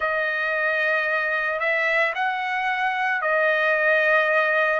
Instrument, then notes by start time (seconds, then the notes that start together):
trumpet
0.00 D#5
1.59 E5
2.14 F#5
3.21 D#5